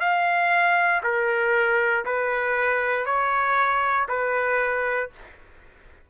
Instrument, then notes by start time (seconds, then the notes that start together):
trumpet
0.00 F5
1.03 A#4
2.05 B4
3.05 C#5
4.08 B4